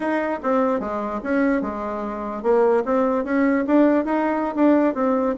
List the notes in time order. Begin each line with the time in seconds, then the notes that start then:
0.00 D#4
0.42 C4
0.80 G#3
1.23 C#4
1.61 G#3
2.42 A#3
2.85 C4
3.24 C#4
3.66 D4
4.04 D#4
4.55 D4
4.94 C4